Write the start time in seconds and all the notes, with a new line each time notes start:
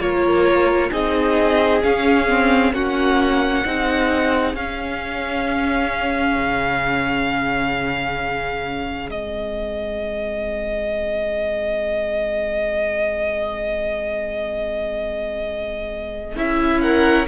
0.00 A#3 F4 A#4 C#5
0.91 C4 D#4 G#4 D#5
1.84 C#4 F5
2.29 C4
2.73 A#3 C#4 F#4 F#5
3.62 C4 D#4 G#4
4.54 C#4 F5
6.37 C#3
9.09 G#3 C4 D#5
16.37 C#4 E4 E5
16.82 A#4 F#5